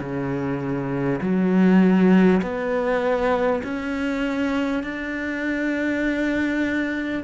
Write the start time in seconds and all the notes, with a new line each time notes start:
0.00 C#3
1.22 F#3
2.42 B3
3.64 C#4
4.83 D4